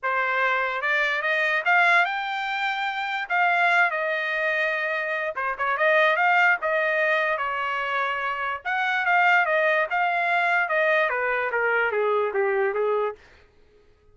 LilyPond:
\new Staff \with { instrumentName = "trumpet" } { \time 4/4 \tempo 4 = 146 c''2 d''4 dis''4 | f''4 g''2. | f''4. dis''2~ dis''8~ | dis''4 c''8 cis''8 dis''4 f''4 |
dis''2 cis''2~ | cis''4 fis''4 f''4 dis''4 | f''2 dis''4 b'4 | ais'4 gis'4 g'4 gis'4 | }